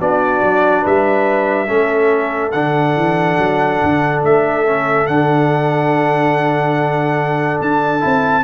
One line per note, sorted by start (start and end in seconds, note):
0.00 0.42 B3
0.00 1.67 D4
0.00 0.82 F#4
0.00 0.85 D5
0.42 0.84 F#3
0.82 1.70 G3
0.82 1.67 B4
0.82 2.51 E5
1.67 2.54 A3
1.67 2.52 C#4
1.67 8.44 A4
2.51 2.96 D3
2.51 4.65 D4
2.51 4.20 F#5
2.96 3.38 E3
3.38 3.81 F#3
3.83 4.23 D3
4.23 5.07 A3
4.23 5.07 E5
4.65 5.07 C#4
5.07 7.61 D3
5.07 8.00 D4
5.07 7.60 F#5
7.61 8.03 D4
7.61 8.44 A5
8.00 8.44 C4
8.00 8.42 E4